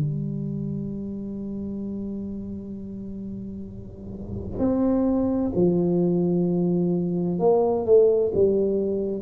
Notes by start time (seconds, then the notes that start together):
0.00 G3
4.59 C4
5.56 F3
7.40 A#3
7.86 A3
8.35 G3